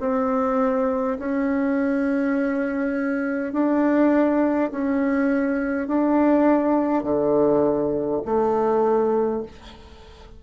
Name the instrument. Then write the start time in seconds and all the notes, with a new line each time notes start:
bassoon
0.00 C4
1.19 C#4
3.53 D4
4.71 C#4
5.88 D4
7.03 D3
8.25 A3